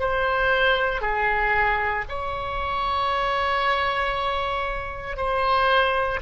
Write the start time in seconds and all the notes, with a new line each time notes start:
0.00 C5
1.01 G#4
2.09 C#5
5.17 C5